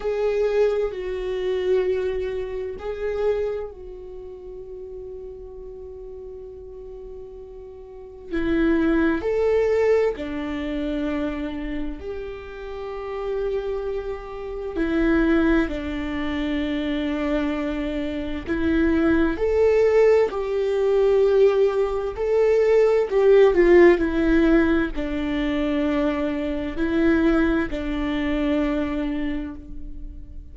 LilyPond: \new Staff \with { instrumentName = "viola" } { \time 4/4 \tempo 4 = 65 gis'4 fis'2 gis'4 | fis'1~ | fis'4 e'4 a'4 d'4~ | d'4 g'2. |
e'4 d'2. | e'4 a'4 g'2 | a'4 g'8 f'8 e'4 d'4~ | d'4 e'4 d'2 | }